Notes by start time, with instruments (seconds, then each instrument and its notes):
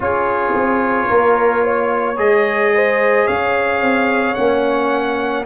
0.00 tuba C#4, trombone F4, horn G#4, trumpet C#5
0.54 tuba C4
1.09 tuba A#3, horn A#4
1.63 horn C#5
2.17 tuba G#3, trombone G#4, trumpet D#5
2.74 horn C5
3.26 tuba C#4, horn C#5, trumpet F5
3.81 tuba C4
4.34 tuba A#3, trombone C#4, trumpet F#5